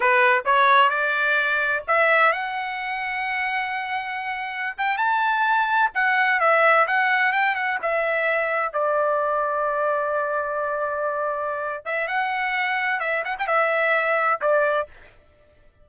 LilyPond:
\new Staff \with { instrumentName = "trumpet" } { \time 4/4 \tempo 4 = 129 b'4 cis''4 d''2 | e''4 fis''2.~ | fis''2~ fis''16 g''8 a''4~ a''16~ | a''8. fis''4 e''4 fis''4 g''16~ |
g''16 fis''8 e''2 d''4~ d''16~ | d''1~ | d''4. e''8 fis''2 | e''8 fis''16 g''16 e''2 d''4 | }